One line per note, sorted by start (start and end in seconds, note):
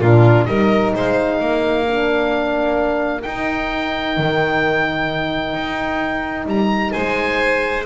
0.00 0.46 A#2
0.00 0.48 D4
0.00 0.47 F4
0.00 0.45 A#4
0.45 0.94 G3
0.45 1.86 D#4
0.45 0.94 A#4
0.45 0.91 D#5
0.95 1.40 G#3
0.95 1.41 C5
0.95 3.22 F5
1.40 3.24 A#3
1.40 6.93 A#4
1.87 3.23 D4
3.22 7.85 D#4
3.22 4.17 D#4
3.22 6.45 G5
4.17 5.54 D#3
5.54 6.45 D#4
6.45 6.92 G3
6.45 6.92 A#5
6.92 7.85 G#3
6.92 7.85 C5
6.92 7.85 G#5